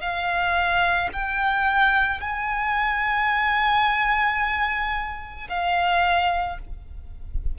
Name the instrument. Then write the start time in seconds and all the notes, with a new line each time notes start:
violin
0.00 F5
1.13 G5
2.20 G#5
5.49 F5